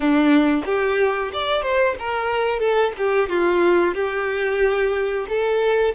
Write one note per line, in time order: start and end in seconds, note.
0.00 0.63 D4
0.65 1.31 G4
1.33 1.62 D5
1.62 1.95 C5
1.99 2.59 A#4
2.59 2.92 A4
2.97 3.29 G4
3.29 3.94 F4
3.94 5.26 G4
5.29 5.95 A4